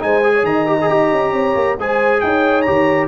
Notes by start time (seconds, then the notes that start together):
0.00 G#3 D#4 C5 G#5
0.23 G#4
0.34 C#5
0.44 D#3 D#5 A#5
0.67 G4
0.81 G#4
0.90 D#4 G4
1.12 C#4
1.32 C4 C#5
1.55 A#3
1.79 G#3 G#4 C5 G#5
2.21 D#4 C#5 G5
2.62 D#3 G4 A#5